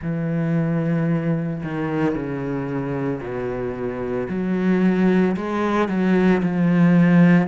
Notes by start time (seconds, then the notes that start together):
0.01 E3
1.63 D#3
2.15 C#3
3.20 B2
4.29 F#3
5.36 G#3
5.88 F#3
6.42 F3